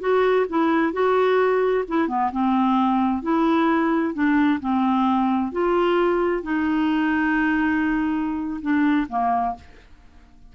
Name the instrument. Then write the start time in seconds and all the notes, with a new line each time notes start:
clarinet
0.00 F#4
0.49 E4
0.93 F#4
1.88 E4
2.08 B3
2.32 C4
3.22 E4
4.14 D4
4.61 C4
5.52 F4
6.43 D#4
8.61 D4
9.09 A#3